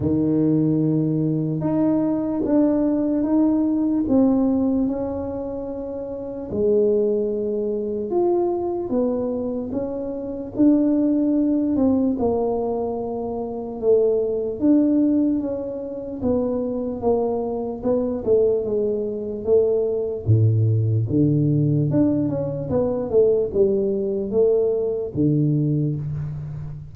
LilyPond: \new Staff \with { instrumentName = "tuba" } { \time 4/4 \tempo 4 = 74 dis2 dis'4 d'4 | dis'4 c'4 cis'2 | gis2 f'4 b4 | cis'4 d'4. c'8 ais4~ |
ais4 a4 d'4 cis'4 | b4 ais4 b8 a8 gis4 | a4 a,4 d4 d'8 cis'8 | b8 a8 g4 a4 d4 | }